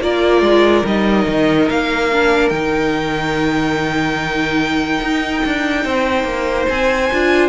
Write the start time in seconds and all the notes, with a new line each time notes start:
0.00 A#3 F4 A#4 D5
0.41 G#3
0.85 G3 D#4 D#5
1.27 D#3
1.69 A#3 F5
2.12 D4
2.49 D#3 D#4 G5
5.01 D#4
5.45 D4
5.85 C4 C5
6.24 A#3
6.69 C4 G#5
7.12 D4 F4